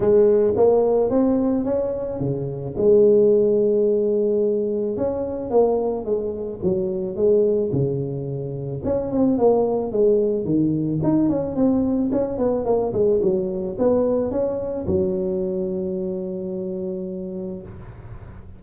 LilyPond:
\new Staff \with { instrumentName = "tuba" } { \time 4/4 \tempo 4 = 109 gis4 ais4 c'4 cis'4 | cis4 gis2.~ | gis4 cis'4 ais4 gis4 | fis4 gis4 cis2 |
cis'8 c'8 ais4 gis4 dis4 | dis'8 cis'8 c'4 cis'8 b8 ais8 gis8 | fis4 b4 cis'4 fis4~ | fis1 | }